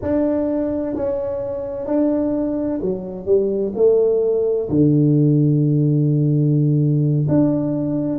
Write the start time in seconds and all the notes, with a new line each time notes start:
0.02 D4
0.95 C#4
1.86 D4
2.81 F#3
3.26 G3
3.75 A3
4.69 D3
7.28 D4